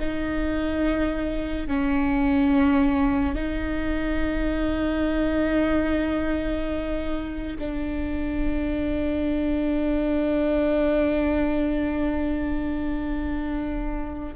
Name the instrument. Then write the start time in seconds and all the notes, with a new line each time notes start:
viola
0.00 D#4
1.67 C#4
3.35 D#4
7.59 D4